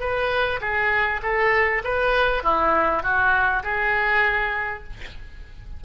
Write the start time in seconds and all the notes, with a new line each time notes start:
0.00 B4
0.61 G#4
1.23 A4
1.84 B4
2.43 E4
3.03 F#4
3.64 G#4